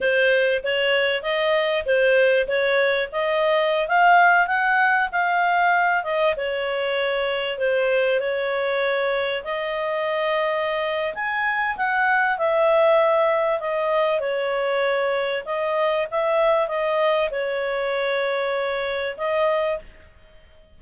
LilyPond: \new Staff \with { instrumentName = "clarinet" } { \time 4/4 \tempo 4 = 97 c''4 cis''4 dis''4 c''4 | cis''4 dis''4~ dis''16 f''4 fis''8.~ | fis''16 f''4. dis''8 cis''4.~ cis''16~ | cis''16 c''4 cis''2 dis''8.~ |
dis''2 gis''4 fis''4 | e''2 dis''4 cis''4~ | cis''4 dis''4 e''4 dis''4 | cis''2. dis''4 | }